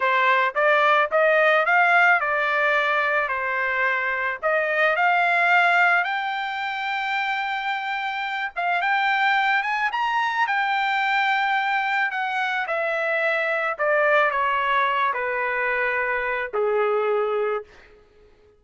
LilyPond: \new Staff \with { instrumentName = "trumpet" } { \time 4/4 \tempo 4 = 109 c''4 d''4 dis''4 f''4 | d''2 c''2 | dis''4 f''2 g''4~ | g''2.~ g''8 f''8 |
g''4. gis''8 ais''4 g''4~ | g''2 fis''4 e''4~ | e''4 d''4 cis''4. b'8~ | b'2 gis'2 | }